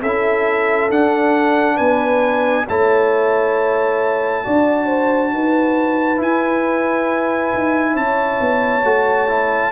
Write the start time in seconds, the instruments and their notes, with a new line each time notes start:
0.00 tuba C#4, horn A4, trumpet E5
0.06 trombone E4
0.91 trombone D4, tuba D4, trumpet F#5
1.76 tuba B3, horn B4, trumpet G#5
2.68 tuba A3, trombone E4, horn C#5, trumpet A5
4.44 tuba D4, trombone F#4, horn D5
4.86 horn C5
5.33 tuba D#4, horn B4
6.17 trombone E4, tuba E4, trumpet G#5
7.54 tuba D#4
7.94 tuba C#4, horn C#5, trumpet A5
8.41 tuba B3
8.83 tuba A3, trombone F#4
9.28 trombone E4